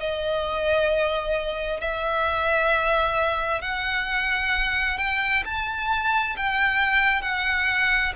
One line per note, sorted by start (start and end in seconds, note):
0.00 1.81 D#5
1.81 3.62 E5
3.62 4.98 F#5
4.98 5.44 G5
5.45 6.36 A5
6.37 7.22 G5
7.22 8.13 F#5